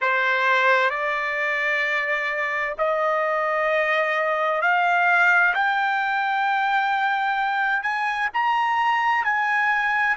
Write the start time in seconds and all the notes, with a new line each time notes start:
0.01 C5
0.90 D5
2.78 D#5
4.61 F5
5.54 G5
7.82 G#5
8.33 A#5
9.24 G#5